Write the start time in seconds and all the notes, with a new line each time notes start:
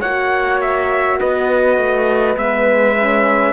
0.00 A#3 F#4 C#5 F#5
0.61 E5
1.19 B3 B4 D#5
1.77 A3
2.37 G#3 B3 E5
2.97 C#4